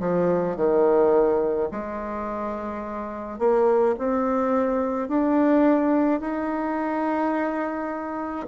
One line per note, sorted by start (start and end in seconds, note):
0.00 0.57 F3
0.57 1.70 D#3
1.72 3.39 G#3
3.39 3.96 A#3
3.99 5.09 C4
5.09 6.21 D4
6.21 8.48 D#4